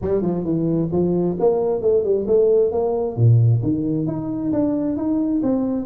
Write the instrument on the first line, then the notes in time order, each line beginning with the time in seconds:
tuba
0.01 G3
0.21 F3
0.44 E3
0.92 F3
1.39 A#3
1.81 A3
2.03 G3
2.27 A3
2.71 A#3
3.16 A#2
3.62 D#3
4.06 D#4
4.52 D4
4.96 D#4
5.43 C4